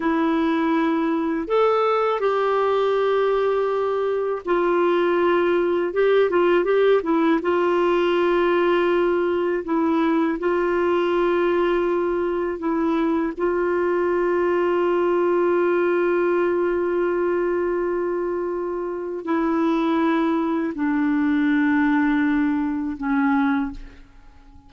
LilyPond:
\new Staff \with { instrumentName = "clarinet" } { \time 4/4 \tempo 4 = 81 e'2 a'4 g'4~ | g'2 f'2 | g'8 f'8 g'8 e'8 f'2~ | f'4 e'4 f'2~ |
f'4 e'4 f'2~ | f'1~ | f'2 e'2 | d'2. cis'4 | }